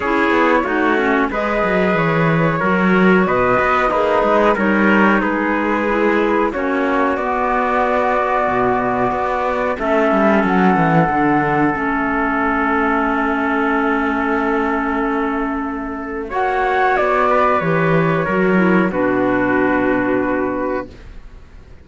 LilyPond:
<<
  \new Staff \with { instrumentName = "flute" } { \time 4/4 \tempo 4 = 92 cis''2 dis''4 cis''4~ | cis''4 dis''4 b'4 cis''4 | b'2 cis''4 d''4~ | d''2. e''4 |
fis''2 e''2~ | e''1~ | e''4 fis''4 d''4 cis''4~ | cis''4 b'2. | }
  \new Staff \with { instrumentName = "trumpet" } { \time 4/4 gis'4 fis'4 b'2 | ais'4 b'4 dis'4 ais'4 | gis'2 fis'2~ | fis'2. a'4~ |
a'1~ | a'1~ | a'4 cis''4. b'4. | ais'4 fis'2. | }
  \new Staff \with { instrumentName = "clarinet" } { \time 4/4 e'4 dis'8 cis'8 gis'2 | fis'2 gis'4 dis'4~ | dis'4 e'4 cis'4 b4~ | b2. cis'4~ |
cis'4 d'4 cis'2~ | cis'1~ | cis'4 fis'2 g'4 | fis'8 e'8 d'2. | }
  \new Staff \with { instrumentName = "cello" } { \time 4/4 cis'8 b8 a4 gis8 fis8 e4 | fis4 b,8 b8 ais8 gis8 g4 | gis2 ais4 b4~ | b4 b,4 b4 a8 g8 |
fis8 e8 d4 a2~ | a1~ | a4 ais4 b4 e4 | fis4 b,2. | }
>>